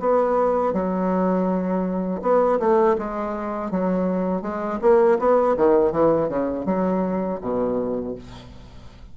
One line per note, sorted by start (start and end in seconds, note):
0.00 0.73 B3
0.73 2.21 F#3
2.22 2.59 B3
2.59 2.96 A3
2.98 3.71 G#3
3.71 4.42 F#3
4.42 4.79 G#3
4.81 5.18 A#3
5.19 5.56 B3
5.57 5.92 D#3
5.92 6.29 E3
6.29 6.66 C#3
6.66 7.40 F#3
7.41 8.15 B2